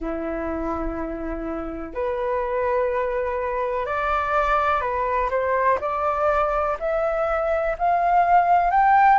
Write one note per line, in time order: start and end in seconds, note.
0.00 1.94 E4
1.94 3.86 B4
3.86 4.80 D5
4.80 5.29 B4
5.30 5.78 C5
5.80 6.77 D5
6.79 7.76 E5
7.78 8.71 F5
8.71 9.18 G5